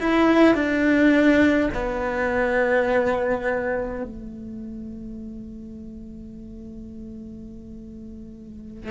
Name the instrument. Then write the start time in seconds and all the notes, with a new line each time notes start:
cello
0.00 E4
0.55 D4
1.74 B3
4.04 A3